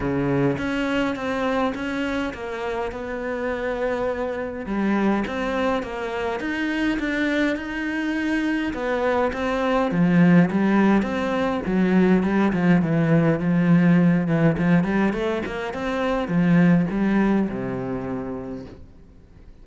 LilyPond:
\new Staff \with { instrumentName = "cello" } { \time 4/4 \tempo 4 = 103 cis4 cis'4 c'4 cis'4 | ais4 b2. | g4 c'4 ais4 dis'4 | d'4 dis'2 b4 |
c'4 f4 g4 c'4 | fis4 g8 f8 e4 f4~ | f8 e8 f8 g8 a8 ais8 c'4 | f4 g4 c2 | }